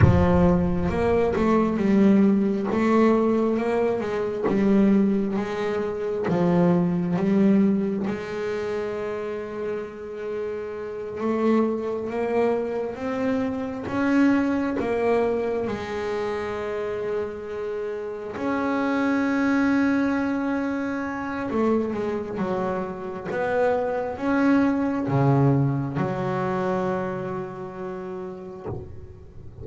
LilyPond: \new Staff \with { instrumentName = "double bass" } { \time 4/4 \tempo 4 = 67 f4 ais8 a8 g4 a4 | ais8 gis8 g4 gis4 f4 | g4 gis2.~ | gis8 a4 ais4 c'4 cis'8~ |
cis'8 ais4 gis2~ gis8~ | gis8 cis'2.~ cis'8 | a8 gis8 fis4 b4 cis'4 | cis4 fis2. | }